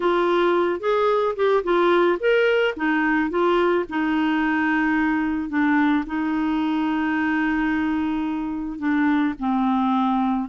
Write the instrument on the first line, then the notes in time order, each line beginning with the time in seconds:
clarinet
0.00 F4
0.80 G#4
1.35 G4
1.63 F4
2.19 A#4
2.76 D#4
3.30 F4
3.89 D#4
5.49 D4
6.06 D#4
8.78 D4
9.39 C4